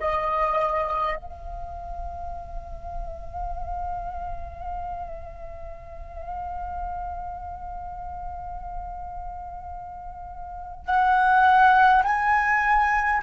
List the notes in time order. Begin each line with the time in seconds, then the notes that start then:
0.00 D#5
1.17 F5
10.86 F#5
12.04 G#5